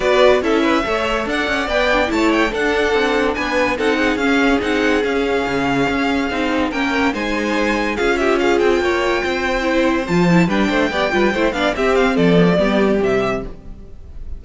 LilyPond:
<<
  \new Staff \with { instrumentName = "violin" } { \time 4/4 \tempo 4 = 143 d''4 e''2 fis''4 | g''4 a''8 g''8 fis''2 | gis''4 fis''4 f''4 fis''4 | f''1 |
g''4 gis''2 f''8 e''8 | f''8 g''2.~ g''8 | a''4 g''2~ g''8 f''8 | e''8 f''8 d''2 e''4 | }
  \new Staff \with { instrumentName = "violin" } { \time 4/4 b'4 a'8 b'8 cis''4 d''4~ | d''4 cis''4 a'2 | b'4 a'8 gis'2~ gis'8~ | gis'1 |
ais'4 c''2 gis'8 g'8 | gis'4 cis''4 c''2~ | c''4 b'8 c''8 d''8 b'8 c''8 d''8 | g'4 a'4 g'2 | }
  \new Staff \with { instrumentName = "viola" } { \time 4/4 fis'4 e'4 a'2 | b'8 d'8 e'4 d'2~ | d'4 dis'4 cis'4 dis'4 | cis'2. dis'4 |
cis'4 dis'2 f'4~ | f'2. e'4 | f'8 e'8 d'4 g'8 f'8 e'8 d'8 | c'4. b16 a16 b4 g4 | }
  \new Staff \with { instrumentName = "cello" } { \time 4/4 b4 cis'4 a4 d'8 cis'8 | b4 a4 d'4 c'4 | b4 c'4 cis'4 c'4 | cis'4 cis4 cis'4 c'4 |
ais4 gis2 cis'4~ | cis'8 c'8 ais4 c'2 | f4 g8 a8 b8 g8 a8 b8 | c'4 f4 g4 c4 | }
>>